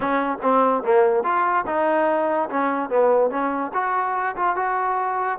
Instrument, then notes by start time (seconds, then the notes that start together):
trombone
0.00 C#4
0.42 C4
0.83 A#3
1.23 F4
1.66 D#4
2.49 C#4
2.89 B3
3.30 C#4
3.73 F#4
4.36 F4
4.56 F#4